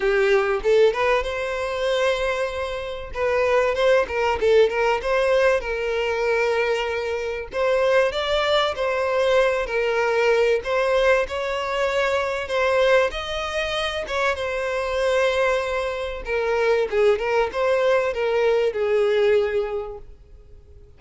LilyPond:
\new Staff \with { instrumentName = "violin" } { \time 4/4 \tempo 4 = 96 g'4 a'8 b'8 c''2~ | c''4 b'4 c''8 ais'8 a'8 ais'8 | c''4 ais'2. | c''4 d''4 c''4. ais'8~ |
ais'4 c''4 cis''2 | c''4 dis''4. cis''8 c''4~ | c''2 ais'4 gis'8 ais'8 | c''4 ais'4 gis'2 | }